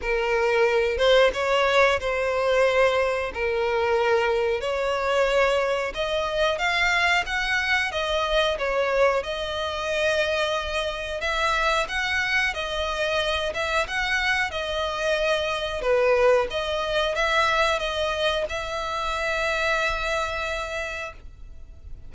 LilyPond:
\new Staff \with { instrumentName = "violin" } { \time 4/4 \tempo 4 = 91 ais'4. c''8 cis''4 c''4~ | c''4 ais'2 cis''4~ | cis''4 dis''4 f''4 fis''4 | dis''4 cis''4 dis''2~ |
dis''4 e''4 fis''4 dis''4~ | dis''8 e''8 fis''4 dis''2 | b'4 dis''4 e''4 dis''4 | e''1 | }